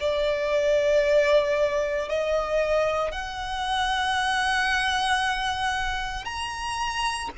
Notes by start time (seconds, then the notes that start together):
0.00 D5
2.09 D#5
3.12 F#5
6.25 A#5